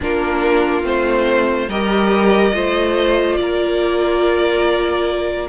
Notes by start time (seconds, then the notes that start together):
0.00 A#3 D4 F4 A#4
0.83 A3 C4 C5
1.67 G3 G4 A#4 D#5
2.53 A3 F4 C5
3.36 A#3 A#4 D5